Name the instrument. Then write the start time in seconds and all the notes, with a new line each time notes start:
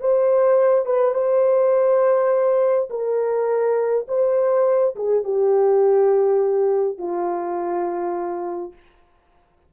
horn
0.00 C5
0.86 B4
1.14 C5
2.90 A#4
4.08 C5
4.95 G#4
5.24 G4
6.98 F4